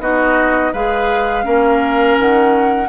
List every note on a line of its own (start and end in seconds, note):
0.00 0.72 B3
0.00 0.73 D#4
0.00 0.73 F#4
0.00 0.73 D#5
0.73 1.46 G#3
0.73 1.44 G#4
0.73 1.45 B4
0.73 2.19 F5
1.44 2.18 A#3
1.44 2.88 C#4
1.44 2.89 A#4
2.19 2.89 D#3
2.19 2.89 F#5